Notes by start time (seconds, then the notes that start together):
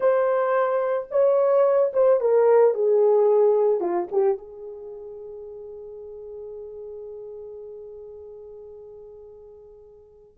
0.00 C5
1.10 C#5
1.93 C5
2.20 A#4
2.74 G#4
3.80 F4
4.11 G4
4.37 G#4